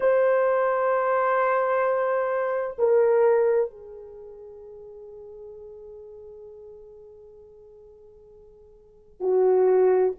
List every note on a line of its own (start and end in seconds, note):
0.00 2.76 C5
2.78 3.70 A#4
3.70 9.20 G#4
9.20 10.12 F#4